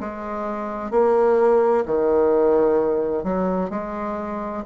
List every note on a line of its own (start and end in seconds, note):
0.00 0.91 G#3
0.91 1.85 A#3
1.85 3.23 D#3
3.23 3.70 F#3
3.70 4.64 G#3